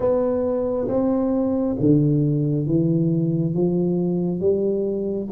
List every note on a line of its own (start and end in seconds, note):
0.00 0.87 B3
0.87 1.76 C4
1.80 2.66 D3
2.66 3.54 E3
3.54 4.40 F3
4.40 5.28 G3